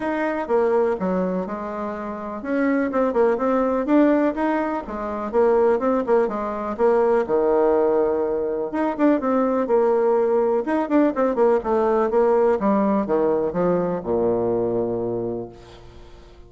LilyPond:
\new Staff \with { instrumentName = "bassoon" } { \time 4/4 \tempo 4 = 124 dis'4 ais4 fis4 gis4~ | gis4 cis'4 c'8 ais8 c'4 | d'4 dis'4 gis4 ais4 | c'8 ais8 gis4 ais4 dis4~ |
dis2 dis'8 d'8 c'4 | ais2 dis'8 d'8 c'8 ais8 | a4 ais4 g4 dis4 | f4 ais,2. | }